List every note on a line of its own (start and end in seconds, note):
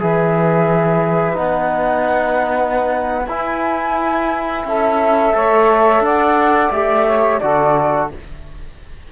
0.00 1.38 E3
0.00 1.34 G#4
0.00 4.66 B4
0.00 1.37 E5
1.34 3.27 B3
1.34 3.24 D#4
1.34 3.27 F#5
3.27 4.65 E4
3.27 5.33 E4
3.27 4.67 G#5
4.65 5.34 C#4
4.65 5.35 A4
4.65 6.05 E5
5.33 6.00 A3
5.33 6.71 A4
5.33 6.04 C#5
6.00 6.69 D4
6.00 7.07 D5
6.00 6.72 F#5
6.71 7.40 A3
6.71 7.42 G4
6.71 7.39 E5
7.07 7.42 C#5
7.39 8.12 D3
7.39 8.12 F#4
7.39 8.12 A4
7.39 8.08 D5